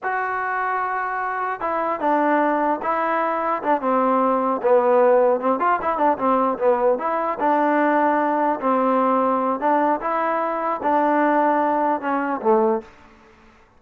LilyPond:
\new Staff \with { instrumentName = "trombone" } { \time 4/4 \tempo 4 = 150 fis'1 | e'4 d'2 e'4~ | e'4 d'8 c'2 b8~ | b4. c'8 f'8 e'8 d'8 c'8~ |
c'8 b4 e'4 d'4.~ | d'4. c'2~ c'8 | d'4 e'2 d'4~ | d'2 cis'4 a4 | }